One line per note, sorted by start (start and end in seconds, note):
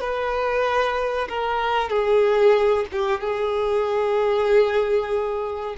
0.00 1.28 B4
1.28 1.89 A#4
1.89 2.85 G#4
2.92 3.20 G4
3.20 5.75 G#4